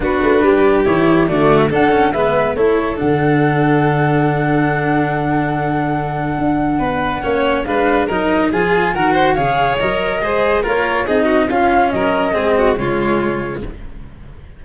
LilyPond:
<<
  \new Staff \with { instrumentName = "flute" } { \time 4/4 \tempo 4 = 141 b'2 cis''4 d''8. e''16 | fis''4 e''4 cis''4 fis''4~ | fis''1~ | fis''1~ |
fis''2 f''4 dis''4 | gis''4 fis''4 f''4 dis''4~ | dis''4 cis''4 dis''4 f''4 | dis''2 cis''2 | }
  \new Staff \with { instrumentName = "violin" } { \time 4/4 fis'4 g'2 fis'4 | a'4 b'4 a'2~ | a'1~ | a'1 |
b'4 cis''4 b'4 ais'4 | gis'4 ais'8 c''8 cis''2 | c''4 ais'4 gis'8 fis'8 f'4 | ais'4 gis'8 fis'8 f'2 | }
  \new Staff \with { instrumentName = "cello" } { \time 4/4 d'2 e'4 a4 | d'8 cis'8 b4 e'4 d'4~ | d'1~ | d'1~ |
d'4 cis'4 d'4 dis'4 | f'4 fis'4 gis'4 ais'4 | gis'4 f'4 dis'4 cis'4~ | cis'4 c'4 gis2 | }
  \new Staff \with { instrumentName = "tuba" } { \time 4/4 b8 a8 g4 e4 d4 | d'4 gis4 a4 d4~ | d1~ | d2. d'4 |
b4 ais4 gis4 fis4 | f4 dis4 cis4 fis4 | gis4 ais4 c'4 cis'4 | fis4 gis4 cis2 | }
>>